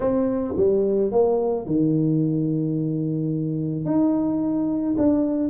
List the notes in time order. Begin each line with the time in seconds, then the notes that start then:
0.00 C4
0.57 G3
1.11 A#3
1.66 D#3
3.85 D#4
4.97 D4